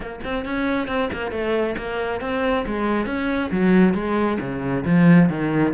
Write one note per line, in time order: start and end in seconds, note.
0.00 0.20 A#3
0.24 0.45 C4
0.45 0.87 C#4
0.87 1.09 C4
1.12 1.31 A#3
1.31 1.75 A3
1.77 2.21 A#3
2.21 2.65 C4
2.66 3.06 G#3
3.06 3.50 C#4
3.51 3.94 F#3
3.94 4.38 G#3
4.40 4.84 C#3
4.85 5.29 F3
5.29 5.73 D#3